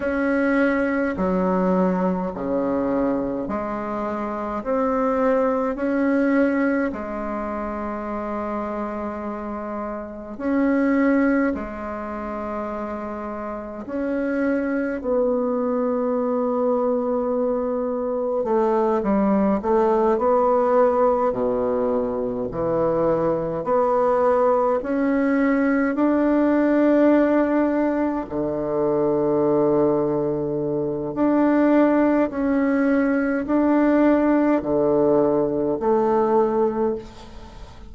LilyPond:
\new Staff \with { instrumentName = "bassoon" } { \time 4/4 \tempo 4 = 52 cis'4 fis4 cis4 gis4 | c'4 cis'4 gis2~ | gis4 cis'4 gis2 | cis'4 b2. |
a8 g8 a8 b4 b,4 e8~ | e8 b4 cis'4 d'4.~ | d'8 d2~ d8 d'4 | cis'4 d'4 d4 a4 | }